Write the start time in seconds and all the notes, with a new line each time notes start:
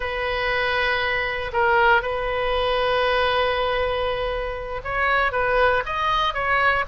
0.00 B4
1.53 A#4
2.02 B4
4.84 C#5
5.32 B4
5.85 D#5
6.34 C#5